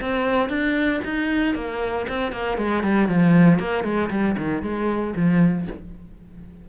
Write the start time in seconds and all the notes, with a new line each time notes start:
0.00 C4
0.49 D4
1.04 D#4
1.55 A#3
2.08 C4
2.31 A#3
2.57 G#3
2.83 G3
3.08 F3
3.59 A#3
3.84 G#3
4.10 G3
4.37 D#3
4.62 G#3
5.16 F3